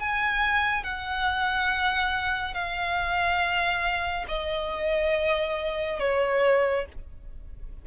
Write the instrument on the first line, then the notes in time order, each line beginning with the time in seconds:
violin
0.00 G#5
0.84 F#5
2.55 F5
4.29 D#5
6.00 C#5